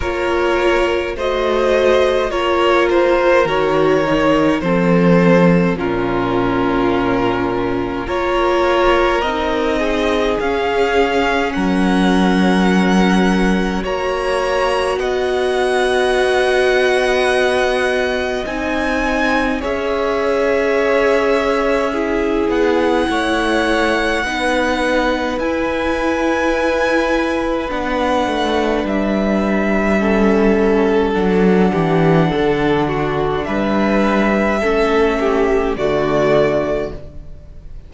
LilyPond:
<<
  \new Staff \with { instrumentName = "violin" } { \time 4/4 \tempo 4 = 52 cis''4 dis''4 cis''8 c''8 cis''4 | c''4 ais'2 cis''4 | dis''4 f''4 fis''2 | ais''4 fis''2. |
gis''4 e''2~ e''8 fis''8~ | fis''2 gis''2 | fis''4 e''2 fis''4~ | fis''4 e''2 d''4 | }
  \new Staff \with { instrumentName = "violin" } { \time 4/4 ais'4 c''4 ais'2 | a'4 f'2 ais'4~ | ais'8 gis'4. ais'2 | cis''4 dis''2.~ |
dis''4 cis''2 gis'4 | cis''4 b'2.~ | b'2 a'4. g'8 | a'8 fis'8 b'4 a'8 g'8 fis'4 | }
  \new Staff \with { instrumentName = "viola" } { \time 4/4 f'4 fis'4 f'4 fis'8 dis'8 | c'4 cis'2 f'4 | dis'4 cis'2. | fis'1 |
dis'4 gis'2 e'4~ | e'4 dis'4 e'2 | d'2 cis'4 d'4~ | d'2 cis'4 a4 | }
  \new Staff \with { instrumentName = "cello" } { \time 4/4 ais4 a4 ais4 dis4 | f4 ais,2 ais4 | c'4 cis'4 fis2 | ais4 b2. |
c'4 cis'2~ cis'8 b8 | a4 b4 e'2 | b8 a8 g2 fis8 e8 | d4 g4 a4 d4 | }
>>